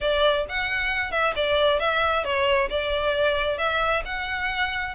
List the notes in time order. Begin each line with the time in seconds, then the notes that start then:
0.00 D5
0.48 F#5
1.11 E5
1.35 D5
1.79 E5
2.24 C#5
2.69 D5
3.58 E5
4.05 F#5